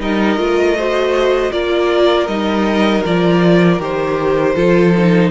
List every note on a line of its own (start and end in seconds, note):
0.00 0.37 G3
0.00 0.38 D#4
0.00 0.78 A#4
0.00 1.52 D#5
0.37 1.51 A3
0.37 0.76 F4
0.78 1.52 F#4
0.78 1.53 C5
1.52 2.28 A#3
1.52 2.28 F4
1.52 4.55 A#4
1.52 2.28 D5
2.28 3.04 G3
2.28 3.05 D#4
2.28 3.04 D#5
3.05 3.79 F3
3.05 3.81 F4
3.05 3.82 D5
3.79 4.55 D#3
3.79 4.56 G4
3.79 5.32 C5
4.55 5.32 F3
4.55 4.94 F4
4.55 5.31 A4
4.98 5.32 D#4